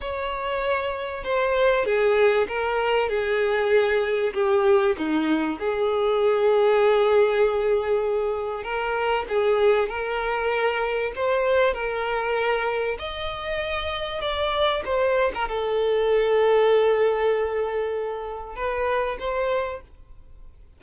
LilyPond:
\new Staff \with { instrumentName = "violin" } { \time 4/4 \tempo 4 = 97 cis''2 c''4 gis'4 | ais'4 gis'2 g'4 | dis'4 gis'2.~ | gis'2 ais'4 gis'4 |
ais'2 c''4 ais'4~ | ais'4 dis''2 d''4 | c''8. ais'16 a'2.~ | a'2 b'4 c''4 | }